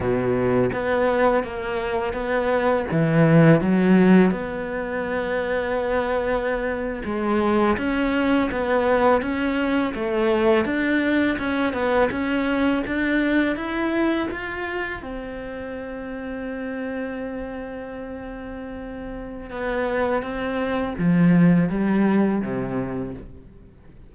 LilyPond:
\new Staff \with { instrumentName = "cello" } { \time 4/4 \tempo 4 = 83 b,4 b4 ais4 b4 | e4 fis4 b2~ | b4.~ b16 gis4 cis'4 b16~ | b8. cis'4 a4 d'4 cis'16~ |
cis'16 b8 cis'4 d'4 e'4 f'16~ | f'8. c'2.~ c'16~ | c'2. b4 | c'4 f4 g4 c4 | }